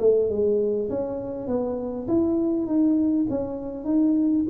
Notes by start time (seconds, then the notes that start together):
0.00 A3
0.29 G#3
0.90 C#4
1.47 B3
2.08 E4
2.67 D#4
3.30 C#4
3.85 D#4